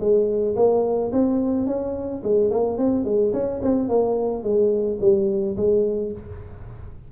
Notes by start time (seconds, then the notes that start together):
0.00 G#3
0.56 A#3
1.13 C4
1.67 C#4
2.23 G#3
2.51 A#3
2.78 C4
3.05 G#3
3.33 C#4
3.62 C4
3.89 A#3
4.43 G#3
5.01 G3
5.57 G#3